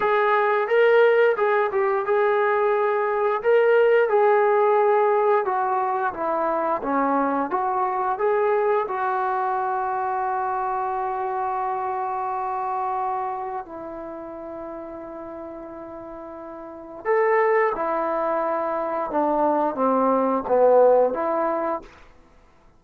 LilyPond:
\new Staff \with { instrumentName = "trombone" } { \time 4/4 \tempo 4 = 88 gis'4 ais'4 gis'8 g'8 gis'4~ | gis'4 ais'4 gis'2 | fis'4 e'4 cis'4 fis'4 | gis'4 fis'2.~ |
fis'1 | e'1~ | e'4 a'4 e'2 | d'4 c'4 b4 e'4 | }